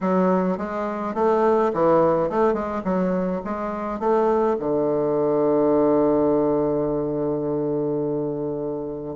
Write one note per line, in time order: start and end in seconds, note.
0.01 0.57 F#3
0.57 1.14 G#3
1.14 1.71 A3
1.73 2.29 E3
2.29 2.53 A3
2.53 2.82 G#3
2.84 3.41 F#3
3.44 3.99 G#3
3.99 4.56 A3
4.59 9.16 D3